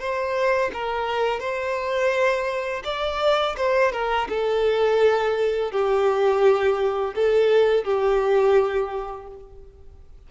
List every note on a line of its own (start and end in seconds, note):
0.00 0.71 C5
0.74 1.40 A#4
1.40 2.83 C5
2.85 3.56 D5
3.57 3.93 C5
3.93 4.28 A#4
4.29 5.72 A4
5.72 7.15 G4
7.15 7.84 A4
7.84 9.27 G4